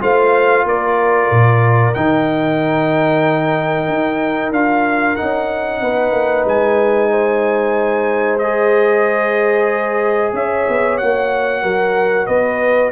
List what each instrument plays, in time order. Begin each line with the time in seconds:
0.00 tuba A3, trombone F4, horn C5, trumpet F5
0.64 tuba A#3, horn A#4, trumpet D5
1.31 tuba A#2
1.94 tuba D#3, trombone D#4, trumpet G5
3.88 tuba D#4
4.51 tuba D4, trombone F4, trumpet F5
5.16 tuba C#4, trombone D#4, trumpet F#5
5.81 tuba B3, horn B4
6.12 tuba A#3
6.45 tuba G#3, trumpet G#5
7.11 horn C5
8.38 trombone G#4, trumpet D#5
10.33 tuba C#4, horn C#5, trumpet E5
10.68 tuba B3
10.97 tuba A#3, trombone F#4, trumpet F#5
11.62 tuba F#3, horn A#4
12.26 tuba B3, horn B4, trumpet D#5